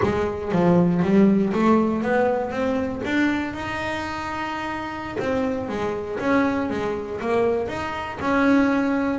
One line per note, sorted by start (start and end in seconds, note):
0.03 0.52 G#3
0.52 1.02 F3
1.02 1.52 G3
1.53 2.02 A3
2.02 2.50 B3
2.50 3.01 C4
3.04 3.53 D4
3.53 5.17 D#4
5.19 5.68 C4
5.68 6.19 G#3
6.19 6.69 C#4
6.69 7.20 G#3
7.20 7.68 A#3
7.68 8.18 D#4
8.20 9.19 C#4